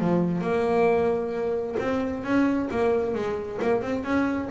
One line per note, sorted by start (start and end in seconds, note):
0.00 0.42 F3
0.42 1.76 A#3
1.80 2.24 C4
2.24 2.69 C#4
2.71 3.15 A#3
3.15 3.59 G#3
3.62 3.82 A#3
3.82 4.04 C4
4.04 4.49 C#4